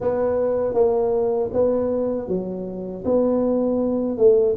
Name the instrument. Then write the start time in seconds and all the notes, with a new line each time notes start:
tuba
0.00 B3
0.74 A#3
1.52 B3
2.28 F#3
3.04 B3
4.17 A3